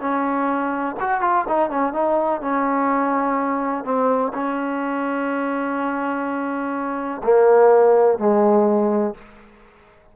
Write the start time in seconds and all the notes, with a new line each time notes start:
0.00 C#4
1.00 F#4
1.21 F4
1.48 D#4
1.70 C#4
1.93 D#4
2.41 C#4
3.85 C4
4.34 C#4
7.24 A#3
8.19 G#3